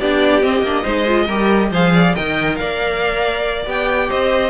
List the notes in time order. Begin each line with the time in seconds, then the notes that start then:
0.00 B3 D4 G4 D5
0.43 C4 D#5
0.62 A#3 D4
0.82 G#3 D#4 C5
1.07 F4
1.27 G3 G4 A#4
1.71 F3 G#4 C5 F5
1.94 D5
2.15 D#3 A#4 D#5 G5
2.56 A#3 D5 F5
3.66 B3 G4 G5
4.09 C4 C5 D#5